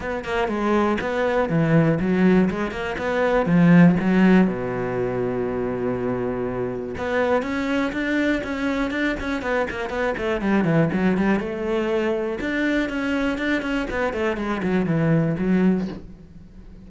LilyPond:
\new Staff \with { instrumentName = "cello" } { \time 4/4 \tempo 4 = 121 b8 ais8 gis4 b4 e4 | fis4 gis8 ais8 b4 f4 | fis4 b,2.~ | b,2 b4 cis'4 |
d'4 cis'4 d'8 cis'8 b8 ais8 | b8 a8 g8 e8 fis8 g8 a4~ | a4 d'4 cis'4 d'8 cis'8 | b8 a8 gis8 fis8 e4 fis4 | }